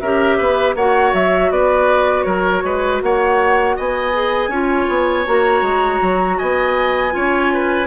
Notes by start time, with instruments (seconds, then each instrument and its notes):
0.00 bassoon C#4, clarinet G4, oboe A#4, flute E5
0.38 bassoon B3, oboe B4
0.75 bassoon A#3, clarinet F#4, oboe C#5, flute F#5
1.14 bassoon F#3, flute E5
1.51 bassoon B3, oboe B4, flute D5
2.23 bassoon F#3, oboe A#4, flute C#5
2.64 bassoon G#3, oboe B4
3.02 bassoon A#3, oboe C#5, flute F#5
3.76 bassoon B3, oboe D#5, flute G#5
4.14 clarinet G#4
4.48 bassoon C#4, clarinet F4, oboe C#5
4.89 bassoon B3
5.26 bassoon A#3, clarinet F#4, flute A#5
5.62 bassoon G#3
6.02 bassoon F#3
6.38 bassoon B3, oboe D#5, flute G#5
7.11 bassoon C#4, clarinet F4, oboe C#5
7.54 oboe B4